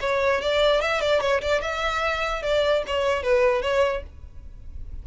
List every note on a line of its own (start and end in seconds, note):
0.00 0.41 C#5
0.41 0.81 D5
0.81 1.01 E5
1.01 1.20 D5
1.20 1.41 C#5
1.41 1.61 D5
1.61 2.42 E5
2.42 2.83 D5
2.87 3.22 C#5
3.22 3.62 B4
3.62 4.02 C#5